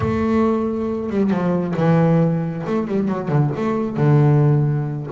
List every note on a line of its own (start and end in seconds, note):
0.00 1.09 A3
1.09 1.30 G3
1.30 1.74 F3
1.76 2.64 E3
2.66 2.87 A3
2.87 3.08 G3
3.08 3.28 F#3
3.28 3.50 D3
3.56 3.96 A3
3.96 5.07 D3